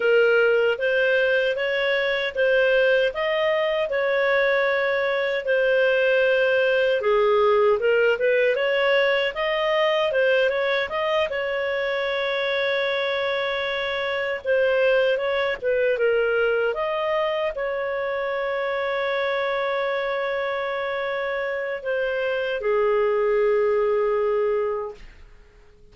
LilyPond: \new Staff \with { instrumentName = "clarinet" } { \time 4/4 \tempo 4 = 77 ais'4 c''4 cis''4 c''4 | dis''4 cis''2 c''4~ | c''4 gis'4 ais'8 b'8 cis''4 | dis''4 c''8 cis''8 dis''8 cis''4.~ |
cis''2~ cis''8 c''4 cis''8 | b'8 ais'4 dis''4 cis''4.~ | cis''1 | c''4 gis'2. | }